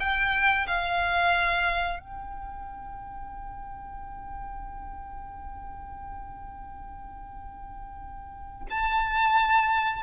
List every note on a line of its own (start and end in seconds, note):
0.00 0.67 G5
0.67 2.00 F5
2.00 8.66 G5
8.70 10.03 A5